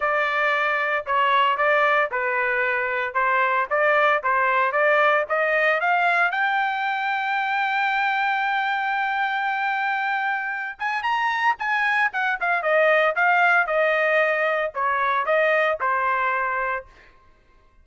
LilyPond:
\new Staff \with { instrumentName = "trumpet" } { \time 4/4 \tempo 4 = 114 d''2 cis''4 d''4 | b'2 c''4 d''4 | c''4 d''4 dis''4 f''4 | g''1~ |
g''1~ | g''8 gis''8 ais''4 gis''4 fis''8 f''8 | dis''4 f''4 dis''2 | cis''4 dis''4 c''2 | }